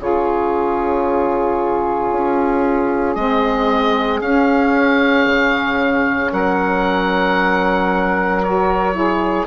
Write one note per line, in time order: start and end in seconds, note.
0.00 2.11 C#3
0.00 3.16 F4
0.00 6.32 G#4
0.00 3.15 C#5
2.12 3.16 C#4
3.15 4.21 G#3
3.15 4.22 C4
3.15 4.20 D#5
4.21 5.26 C#4
4.21 8.44 C#4
4.21 6.32 F5
5.27 6.32 C#3
6.32 9.47 F#3
6.32 8.95 A#4
6.32 8.43 F#5
8.43 8.93 F#4
8.43 9.47 C#5
8.93 9.45 E4
8.93 9.47 G#4